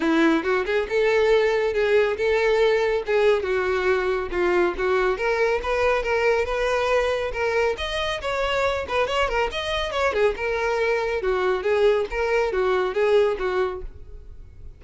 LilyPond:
\new Staff \with { instrumentName = "violin" } { \time 4/4 \tempo 4 = 139 e'4 fis'8 gis'8 a'2 | gis'4 a'2 gis'4 | fis'2 f'4 fis'4 | ais'4 b'4 ais'4 b'4~ |
b'4 ais'4 dis''4 cis''4~ | cis''8 b'8 cis''8 ais'8 dis''4 cis''8 gis'8 | ais'2 fis'4 gis'4 | ais'4 fis'4 gis'4 fis'4 | }